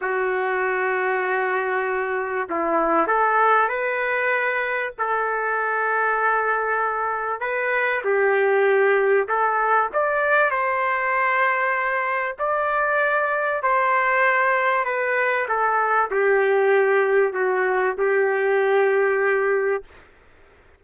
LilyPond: \new Staff \with { instrumentName = "trumpet" } { \time 4/4 \tempo 4 = 97 fis'1 | e'4 a'4 b'2 | a'1 | b'4 g'2 a'4 |
d''4 c''2. | d''2 c''2 | b'4 a'4 g'2 | fis'4 g'2. | }